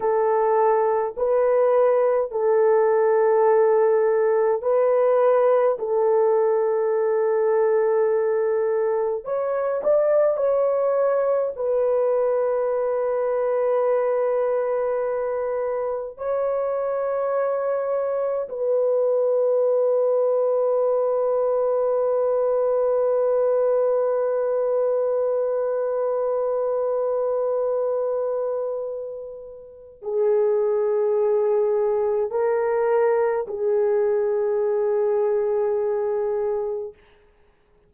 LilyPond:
\new Staff \with { instrumentName = "horn" } { \time 4/4 \tempo 4 = 52 a'4 b'4 a'2 | b'4 a'2. | cis''8 d''8 cis''4 b'2~ | b'2 cis''2 |
b'1~ | b'1~ | b'2 gis'2 | ais'4 gis'2. | }